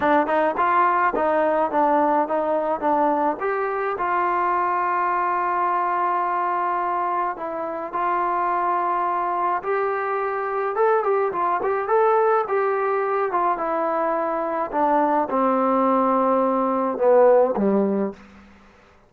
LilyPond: \new Staff \with { instrumentName = "trombone" } { \time 4/4 \tempo 4 = 106 d'8 dis'8 f'4 dis'4 d'4 | dis'4 d'4 g'4 f'4~ | f'1~ | f'4 e'4 f'2~ |
f'4 g'2 a'8 g'8 | f'8 g'8 a'4 g'4. f'8 | e'2 d'4 c'4~ | c'2 b4 g4 | }